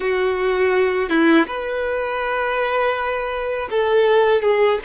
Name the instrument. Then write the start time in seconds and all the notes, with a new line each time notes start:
violin
0.00 F#4
1.09 E4
1.46 B4
3.70 A4
4.41 G#4